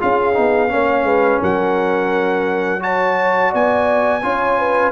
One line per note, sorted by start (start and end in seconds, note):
0.00 0.37 C#4
0.00 0.33 F4
0.00 0.72 G#4
0.00 1.42 F5
0.33 0.72 B3
0.33 0.69 D#4
0.69 1.03 A#3
0.69 2.80 C#4
0.69 1.06 C#5
1.03 1.39 G#3
1.03 1.40 B4
1.40 3.54 F#3
1.40 2.81 A#4
1.40 2.82 F#5
2.80 4.21 F#4
2.80 3.51 C#5
2.80 3.53 A5
3.51 4.23 B3
3.51 4.21 D5
3.51 4.92 G#5
4.23 4.92 C#4
4.23 4.92 F4
4.23 4.58 C#5
4.58 4.92 B4